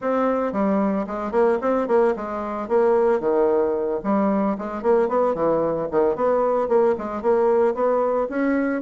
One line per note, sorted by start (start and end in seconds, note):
0.01 0.52 C4
0.52 1.05 G3
1.06 1.31 G#3
1.31 1.58 A#3
1.61 1.87 C4
1.87 2.14 A#3
2.16 2.68 G#3
2.68 3.20 A#3
3.20 4.00 D#3
4.03 4.57 G3
4.58 4.82 G#3
4.82 5.08 A#3
5.08 5.34 B3
5.34 5.88 E3
5.91 6.15 D#3
6.15 6.68 B3
6.68 6.95 A#3
6.98 7.22 G#3
7.22 7.74 A#3
7.74 8.28 B3
8.29 8.82 C#4